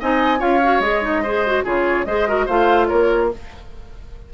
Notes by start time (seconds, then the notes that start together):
0.00 C4 D#4 D#5 G#5
0.39 C#4 F4 C#5 F5
0.63 F#4
0.80 G#3 G#4 D#5
1.02 D#4
1.23 G#4 C5
1.46 F#4
1.64 C#3 F4 G#4 C#5
2.05 G#3 G#4 C5 D#5
2.28 F#4 A#4
2.46 A3 F4 C5 F5
2.87 A#3 A#4 C#5